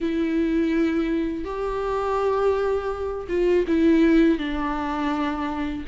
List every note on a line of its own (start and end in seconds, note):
0.00 1.44 E4
1.44 3.27 G4
3.28 3.65 F4
3.67 4.38 E4
4.38 5.84 D4